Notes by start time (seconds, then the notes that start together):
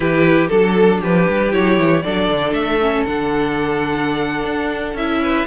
0.00 E3 E4 G4 B4
0.48 F#3 D4 A4
1.01 F3 G4 B4
1.28 G3
1.51 F#3 E4 C#5
1.78 E3
2.02 F#3 D4 A4 D5
2.28 D3
2.52 A3 E5
2.81 C#4
3.06 D3 D4 F#5
4.44 D4
4.93 C#4 E4 E5
5.22 B4